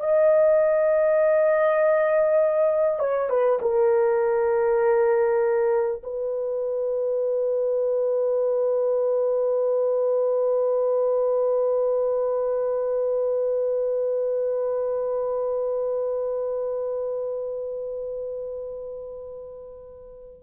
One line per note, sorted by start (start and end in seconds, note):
0.00 2.99 D#5
2.99 3.29 C#5
3.29 3.59 B4
3.62 6.02 A#4
6.04 20.43 B4